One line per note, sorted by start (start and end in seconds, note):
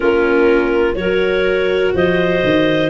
0.00 0.95 A#3
0.00 0.94 C#4
0.00 0.97 F4
0.00 0.94 A#4
0.94 1.92 F#3
0.94 2.89 F#4
0.94 1.94 A#4
0.94 1.91 C#5
1.93 2.42 F3
1.93 2.89 C5
1.93 2.89 D#5
2.44 2.89 D#3